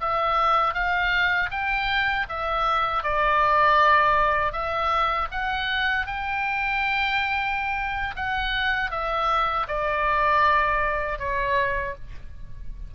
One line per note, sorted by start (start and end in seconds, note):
0.00 0.74 E5
0.74 1.50 F5
1.50 2.26 G5
2.29 3.03 E5
3.03 4.52 D5
4.52 5.28 E5
5.31 6.06 F#5
6.06 8.15 G5
8.16 8.90 F#5
8.90 9.66 E5
9.67 11.19 D5
11.19 11.94 C#5